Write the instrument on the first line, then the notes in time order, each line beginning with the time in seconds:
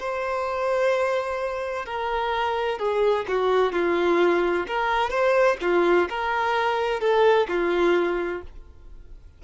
violin
0.00 C5
1.86 A#4
2.80 G#4
3.29 F#4
3.73 F4
4.68 A#4
5.11 C5
5.62 F4
6.09 A#4
7.01 A4
7.49 F4